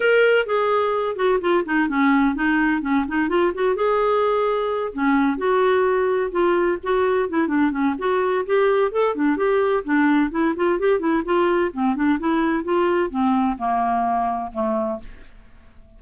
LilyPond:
\new Staff \with { instrumentName = "clarinet" } { \time 4/4 \tempo 4 = 128 ais'4 gis'4. fis'8 f'8 dis'8 | cis'4 dis'4 cis'8 dis'8 f'8 fis'8 | gis'2~ gis'8 cis'4 fis'8~ | fis'4. f'4 fis'4 e'8 |
d'8 cis'8 fis'4 g'4 a'8 d'8 | g'4 d'4 e'8 f'8 g'8 e'8 | f'4 c'8 d'8 e'4 f'4 | c'4 ais2 a4 | }